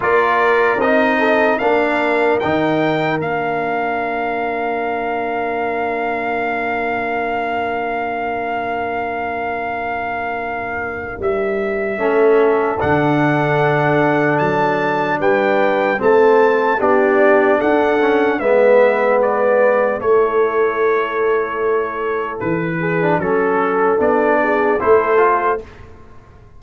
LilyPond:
<<
  \new Staff \with { instrumentName = "trumpet" } { \time 4/4 \tempo 4 = 75 d''4 dis''4 f''4 g''4 | f''1~ | f''1~ | f''2 e''2 |
fis''2 a''4 g''4 | a''4 d''4 fis''4 e''4 | d''4 cis''2. | b'4 a'4 d''4 c''4 | }
  \new Staff \with { instrumentName = "horn" } { \time 4/4 ais'4. a'8 ais'2~ | ais'1~ | ais'1~ | ais'2. a'4~ |
a'2. b'4 | a'4 g'4 a'4 b'4~ | b'4 a'2.~ | a'8 gis'8 a'4. gis'8 a'4 | }
  \new Staff \with { instrumentName = "trombone" } { \time 4/4 f'4 dis'4 d'4 dis'4 | d'1~ | d'1~ | d'2. cis'4 |
d'1 | c'4 d'4. cis'8 b4~ | b4 e'2.~ | e'8. d'16 cis'4 d'4 e'8 f'8 | }
  \new Staff \with { instrumentName = "tuba" } { \time 4/4 ais4 c'4 ais4 dis4 | ais1~ | ais1~ | ais2 g4 a4 |
d2 fis4 g4 | a4 b4 d'4 gis4~ | gis4 a2. | e4 fis4 b4 a4 | }
>>